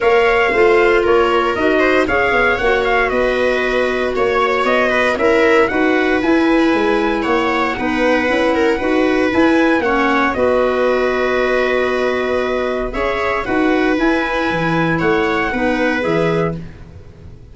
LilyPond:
<<
  \new Staff \with { instrumentName = "trumpet" } { \time 4/4 \tempo 4 = 116 f''2 cis''4 dis''4 | f''4 fis''8 f''8 dis''2 | cis''4 dis''4 e''4 fis''4 | gis''2 fis''2~ |
fis''2 gis''4 fis''4 | dis''1~ | dis''4 e''4 fis''4 gis''4~ | gis''4 fis''2 e''4 | }
  \new Staff \with { instrumentName = "viola" } { \time 4/4 cis''4 c''4 ais'4. c''8 | cis''2 b'2 | cis''4. b'8 ais'4 b'4~ | b'2 cis''4 b'4~ |
b'8 ais'8 b'2 cis''4 | b'1~ | b'4 cis''4 b'2~ | b'4 cis''4 b'2 | }
  \new Staff \with { instrumentName = "clarinet" } { \time 4/4 ais'4 f'2 fis'4 | gis'4 fis'2.~ | fis'2 e'4 fis'4 | e'2. dis'4 |
e'4 fis'4 e'4 cis'4 | fis'1~ | fis'4 gis'4 fis'4 e'4~ | e'2 dis'4 gis'4 | }
  \new Staff \with { instrumentName = "tuba" } { \time 4/4 ais4 a4 ais4 dis'4 | cis'8 b8 ais4 b2 | ais4 b4 cis'4 dis'4 | e'4 gis4 ais4 b4 |
cis'4 dis'4 e'4 ais4 | b1~ | b4 cis'4 dis'4 e'4 | e4 a4 b4 e4 | }
>>